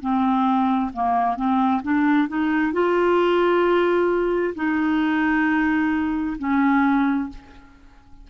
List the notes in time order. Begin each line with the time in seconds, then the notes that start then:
0.00 C4
0.93 A#3
1.36 C4
1.82 D4
2.28 D#4
2.72 F4
4.55 D#4
6.38 C#4